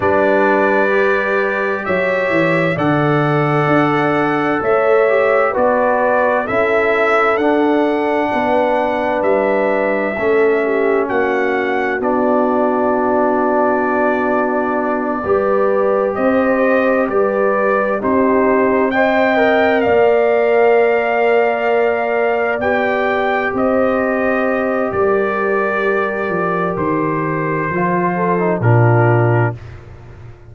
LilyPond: <<
  \new Staff \with { instrumentName = "trumpet" } { \time 4/4 \tempo 4 = 65 d''2 e''4 fis''4~ | fis''4 e''4 d''4 e''4 | fis''2 e''2 | fis''4 d''2.~ |
d''4. dis''4 d''4 c''8~ | c''8 g''4 f''2~ f''8~ | f''8 g''4 dis''4. d''4~ | d''4 c''2 ais'4 | }
  \new Staff \with { instrumentName = "horn" } { \time 4/4 b'2 cis''4 d''4~ | d''4 cis''4 b'4 a'4~ | a'4 b'2 a'8 g'8 | fis'1~ |
fis'8 b'4 c''4 b'4 g'8~ | g'8 dis''4 d''2~ d''8~ | d''4. c''4. ais'4~ | ais'2~ ais'8 a'8 f'4 | }
  \new Staff \with { instrumentName = "trombone" } { \time 4/4 d'4 g'2 a'4~ | a'4. g'8 fis'4 e'4 | d'2. cis'4~ | cis'4 d'2.~ |
d'8 g'2. dis'8~ | dis'8 c''8 ais'2.~ | ais'8 g'2.~ g'8~ | g'2 f'8. dis'16 d'4 | }
  \new Staff \with { instrumentName = "tuba" } { \time 4/4 g2 fis8 e8 d4 | d'4 a4 b4 cis'4 | d'4 b4 g4 a4 | ais4 b2.~ |
b8 g4 c'4 g4 c'8~ | c'4. ais2~ ais8~ | ais8 b4 c'4. g4~ | g8 f8 dis4 f4 ais,4 | }
>>